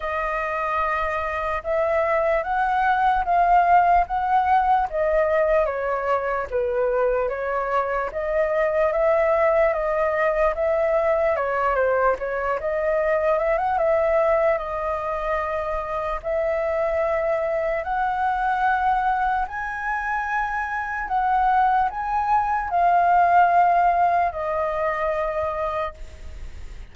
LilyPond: \new Staff \with { instrumentName = "flute" } { \time 4/4 \tempo 4 = 74 dis''2 e''4 fis''4 | f''4 fis''4 dis''4 cis''4 | b'4 cis''4 dis''4 e''4 | dis''4 e''4 cis''8 c''8 cis''8 dis''8~ |
dis''8 e''16 fis''16 e''4 dis''2 | e''2 fis''2 | gis''2 fis''4 gis''4 | f''2 dis''2 | }